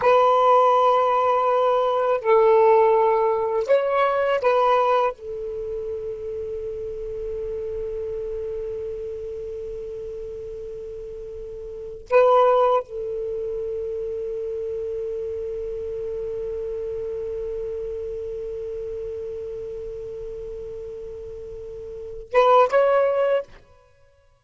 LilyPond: \new Staff \with { instrumentName = "saxophone" } { \time 4/4 \tempo 4 = 82 b'2. a'4~ | a'4 cis''4 b'4 a'4~ | a'1~ | a'1~ |
a'8 b'4 a'2~ a'8~ | a'1~ | a'1~ | a'2~ a'8 b'8 cis''4 | }